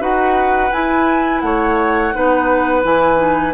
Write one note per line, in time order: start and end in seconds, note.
0.00 0.72 D#4
0.00 0.71 F#4
0.00 1.42 B4
0.00 0.72 F#5
0.72 2.14 E4
0.72 1.43 E4
0.72 1.41 G#5
1.41 2.13 A3
1.41 2.15 C#5
1.41 2.82 F#5
2.14 2.84 B3
2.14 2.83 D#4
2.14 3.54 B4
2.83 3.54 E3
2.83 3.17 E4
2.83 3.54 G#5
3.17 3.52 D#4